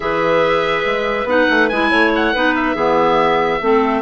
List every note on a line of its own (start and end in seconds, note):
0.00 0.83 E3
0.00 1.26 G#4
0.00 1.91 B4
0.00 1.27 E5
0.85 1.24 G#3
1.24 1.45 B3
1.24 1.70 D#4
1.24 1.68 F#5
1.49 1.70 A3
1.68 1.91 G#3
1.68 2.34 E4
1.68 2.11 G#5
1.91 2.33 A3
1.91 2.33 C#5
2.15 2.55 F#5
2.33 2.75 B3
2.33 2.75 D#4
2.33 2.75 B4
2.55 4.01 E5
2.75 3.60 E3
2.75 3.61 B3
2.75 3.60 G#4
3.61 4.01 A3
3.61 4.01 C4
3.61 4.01 A4